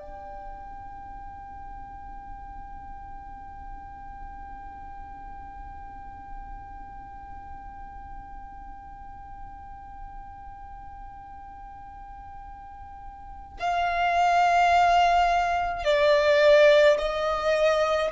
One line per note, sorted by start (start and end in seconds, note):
0.00 13.58 G5
13.60 15.85 F5
15.85 16.98 D5
16.99 18.12 D#5